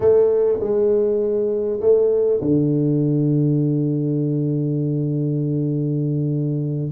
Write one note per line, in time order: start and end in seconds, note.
0.00 0.58 A3
0.59 1.79 G#3
1.80 2.40 A3
2.41 6.91 D3